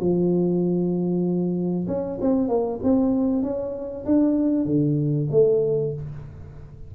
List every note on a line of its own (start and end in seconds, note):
0.00 1.88 F3
1.88 2.19 C#4
2.21 2.49 C4
2.49 2.80 A#3
2.83 3.43 C4
3.43 4.05 C#4
4.06 4.66 D4
4.66 5.28 D3
5.31 5.94 A3